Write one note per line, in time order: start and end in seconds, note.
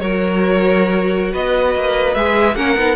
0.00 1.34 F#3
0.00 2.16 F#4
0.00 1.32 A#4
0.00 1.34 C#5
1.32 1.76 B3
1.32 2.56 B4
1.32 2.15 D#5
1.76 2.16 A#3
2.15 2.56 G#3
2.15 2.57 G#4
2.15 2.56 E5
2.56 2.76 A#3
2.56 2.77 C#4
2.56 2.96 A#4
2.56 2.96 F#5
2.76 2.96 B3
2.76 2.96 D#4